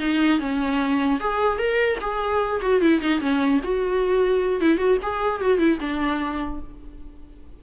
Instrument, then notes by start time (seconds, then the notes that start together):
viola
0.00 D#4
0.40 C#4
1.20 G#4
1.59 A#4
2.01 G#4
2.62 F#4
2.82 E4
3.02 D#4
3.21 C#4
3.64 F#4
4.61 E4
4.78 F#4
5.03 G#4
5.41 F#4
5.59 E4
5.80 D4